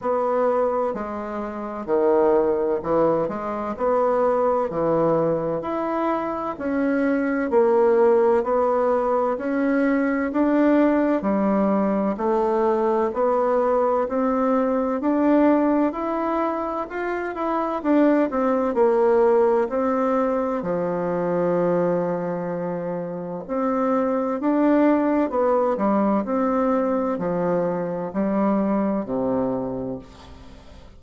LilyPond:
\new Staff \with { instrumentName = "bassoon" } { \time 4/4 \tempo 4 = 64 b4 gis4 dis4 e8 gis8 | b4 e4 e'4 cis'4 | ais4 b4 cis'4 d'4 | g4 a4 b4 c'4 |
d'4 e'4 f'8 e'8 d'8 c'8 | ais4 c'4 f2~ | f4 c'4 d'4 b8 g8 | c'4 f4 g4 c4 | }